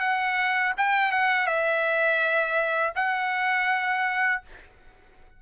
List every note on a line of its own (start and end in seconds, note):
0.00 0.73 F#5
0.77 1.12 G5
1.12 1.47 F#5
1.47 2.93 E5
2.96 4.42 F#5